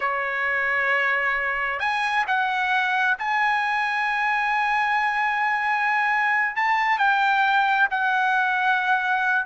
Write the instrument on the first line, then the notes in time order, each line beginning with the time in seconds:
trumpet
0.00 C#5
1.79 G#5
2.27 F#5
3.18 G#5
6.55 A5
6.98 G5
7.90 F#5